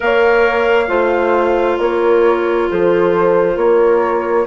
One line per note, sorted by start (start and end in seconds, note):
0.00 0.88 A#3
0.00 0.85 A#4
0.00 0.88 C#5
0.00 1.79 F5
0.87 1.78 A3
0.87 4.46 F4
0.87 1.78 C5
1.79 2.68 A#3
1.79 2.68 A#4
1.79 2.69 C#5
2.70 3.56 F3
2.70 3.56 A4
2.70 3.57 C5
3.56 4.46 A#3
3.56 4.46 A#4
3.56 4.46 C#5